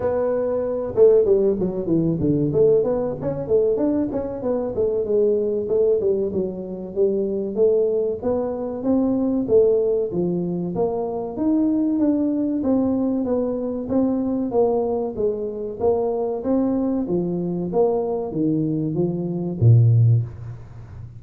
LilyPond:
\new Staff \with { instrumentName = "tuba" } { \time 4/4 \tempo 4 = 95 b4. a8 g8 fis8 e8 d8 | a8 b8 cis'8 a8 d'8 cis'8 b8 a8 | gis4 a8 g8 fis4 g4 | a4 b4 c'4 a4 |
f4 ais4 dis'4 d'4 | c'4 b4 c'4 ais4 | gis4 ais4 c'4 f4 | ais4 dis4 f4 ais,4 | }